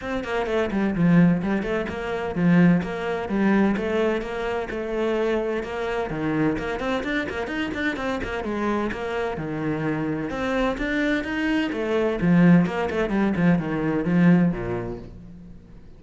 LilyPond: \new Staff \with { instrumentName = "cello" } { \time 4/4 \tempo 4 = 128 c'8 ais8 a8 g8 f4 g8 a8 | ais4 f4 ais4 g4 | a4 ais4 a2 | ais4 dis4 ais8 c'8 d'8 ais8 |
dis'8 d'8 c'8 ais8 gis4 ais4 | dis2 c'4 d'4 | dis'4 a4 f4 ais8 a8 | g8 f8 dis4 f4 ais,4 | }